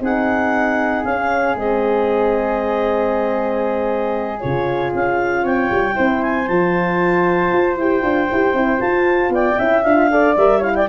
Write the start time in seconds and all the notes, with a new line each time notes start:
0.00 C4 D#4 G#4 F#5
1.04 C#4 F5
1.55 G#3 C4 D#5
4.39 C#3 F4 C#5
4.94 C#4 F5
5.43 C4 C#5 G5
5.70 G3
5.93 C4 E4 C5
6.22 G#5
6.47 F3 F4 A5
7.52 F4
7.77 E4 G4 G5
8.02 D4 F4
8.31 E4 G4
8.53 C4 E4
8.78 F4 A5
9.29 B3 D5 G5
9.58 C#4 E4 E5
9.83 D4 F4 F5
10.11 A4 D5
10.36 G3 A#4 E5
10.58 E4 C#5 F5
10.75 D5 G5